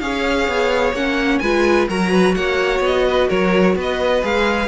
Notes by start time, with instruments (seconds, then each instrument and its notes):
0.00 cello C#4, viola G#4, violin C#5 F5
0.48 cello B3
0.93 cello A#3, viola C#4, violin F#5
1.39 cello G#3, viola F4, violin B4 G#5
1.89 cello F#3, viola F#4, violin A#4 A#5
2.12 violin B4
2.35 cello A#3, violin C#5 F#5
2.80 cello B3, violin D#5
3.08 violin B4
3.29 cello F#3, violin A#4 C#5
3.76 cello B3, violin B4 D#5
4.22 cello G#3, viola G#4, violin F5